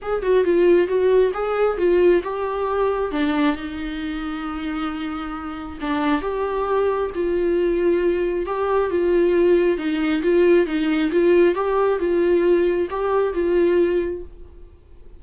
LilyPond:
\new Staff \with { instrumentName = "viola" } { \time 4/4 \tempo 4 = 135 gis'8 fis'8 f'4 fis'4 gis'4 | f'4 g'2 d'4 | dis'1~ | dis'4 d'4 g'2 |
f'2. g'4 | f'2 dis'4 f'4 | dis'4 f'4 g'4 f'4~ | f'4 g'4 f'2 | }